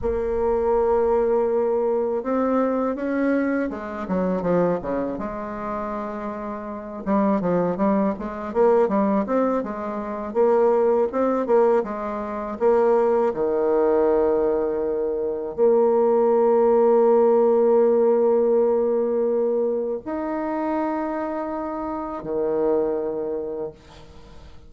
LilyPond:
\new Staff \with { instrumentName = "bassoon" } { \time 4/4 \tempo 4 = 81 ais2. c'4 | cis'4 gis8 fis8 f8 cis8 gis4~ | gis4. g8 f8 g8 gis8 ais8 | g8 c'8 gis4 ais4 c'8 ais8 |
gis4 ais4 dis2~ | dis4 ais2.~ | ais2. dis'4~ | dis'2 dis2 | }